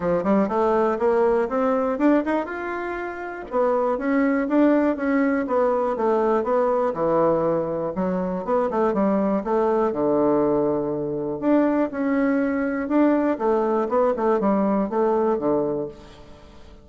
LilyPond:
\new Staff \with { instrumentName = "bassoon" } { \time 4/4 \tempo 4 = 121 f8 g8 a4 ais4 c'4 | d'8 dis'8 f'2 b4 | cis'4 d'4 cis'4 b4 | a4 b4 e2 |
fis4 b8 a8 g4 a4 | d2. d'4 | cis'2 d'4 a4 | b8 a8 g4 a4 d4 | }